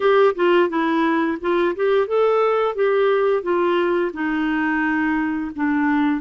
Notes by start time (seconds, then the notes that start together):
0.00 G4
0.35 F4
0.69 E4
1.40 F4
1.75 G4
2.07 A4
2.75 G4
3.42 F4
4.13 D#4
5.55 D4